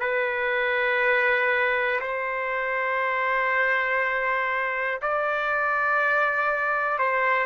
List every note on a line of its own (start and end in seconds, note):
0.00 2.00 B4
2.01 5.01 C5
5.02 6.99 D5
6.99 7.46 C5